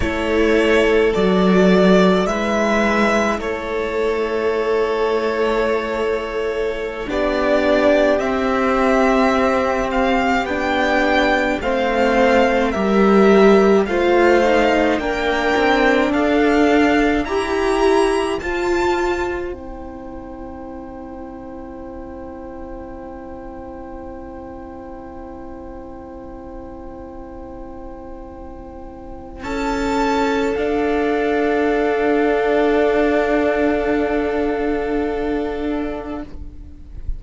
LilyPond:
<<
  \new Staff \with { instrumentName = "violin" } { \time 4/4 \tempo 4 = 53 cis''4 d''4 e''4 cis''4~ | cis''2~ cis''16 d''4 e''8.~ | e''8. f''8 g''4 f''4 e''8.~ | e''16 f''4 g''4 f''4 ais''8.~ |
ais''16 a''4 g''2~ g''8.~ | g''1~ | g''2 a''4 f''4~ | f''1 | }
  \new Staff \with { instrumentName = "violin" } { \time 4/4 a'2 b'4 a'4~ | a'2~ a'16 g'4.~ g'16~ | g'2~ g'16 c''4 ais'8.~ | ais'16 c''4 ais'4 a'4 g'8.~ |
g'16 c''2.~ c''8.~ | c''1~ | c''2 a'2~ | a'1 | }
  \new Staff \with { instrumentName = "viola" } { \time 4/4 e'4 fis'4 e'2~ | e'2~ e'16 d'4 c'8.~ | c'4~ c'16 d'4 c'4 g'8.~ | g'16 f'8 dis'8 d'2 g'8.~ |
g'16 f'4 e'2~ e'8.~ | e'1~ | e'2. d'4~ | d'1 | }
  \new Staff \with { instrumentName = "cello" } { \time 4/4 a4 fis4 gis4 a4~ | a2~ a16 b4 c'8.~ | c'4~ c'16 b4 a4 g8.~ | g16 a4 ais8 c'8 d'4 e'8.~ |
e'16 f'4 c'2~ c'8.~ | c'1~ | c'2 cis'4 d'4~ | d'1 | }
>>